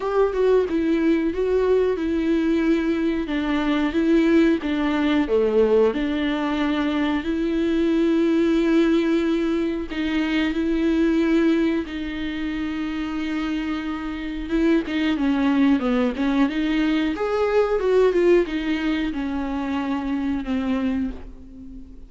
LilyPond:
\new Staff \with { instrumentName = "viola" } { \time 4/4 \tempo 4 = 91 g'8 fis'8 e'4 fis'4 e'4~ | e'4 d'4 e'4 d'4 | a4 d'2 e'4~ | e'2. dis'4 |
e'2 dis'2~ | dis'2 e'8 dis'8 cis'4 | b8 cis'8 dis'4 gis'4 fis'8 f'8 | dis'4 cis'2 c'4 | }